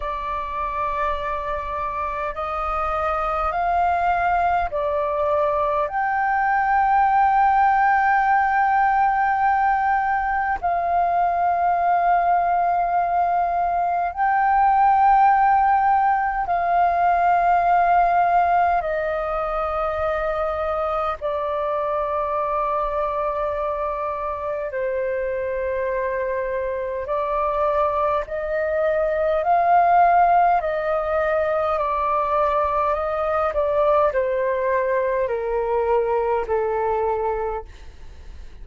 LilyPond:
\new Staff \with { instrumentName = "flute" } { \time 4/4 \tempo 4 = 51 d''2 dis''4 f''4 | d''4 g''2.~ | g''4 f''2. | g''2 f''2 |
dis''2 d''2~ | d''4 c''2 d''4 | dis''4 f''4 dis''4 d''4 | dis''8 d''8 c''4 ais'4 a'4 | }